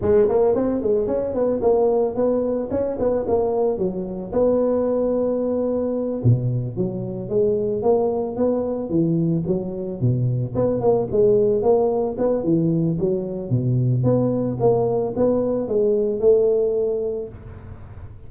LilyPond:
\new Staff \with { instrumentName = "tuba" } { \time 4/4 \tempo 4 = 111 gis8 ais8 c'8 gis8 cis'8 b8 ais4 | b4 cis'8 b8 ais4 fis4 | b2.~ b8 b,8~ | b,8 fis4 gis4 ais4 b8~ |
b8 e4 fis4 b,4 b8 | ais8 gis4 ais4 b8 e4 | fis4 b,4 b4 ais4 | b4 gis4 a2 | }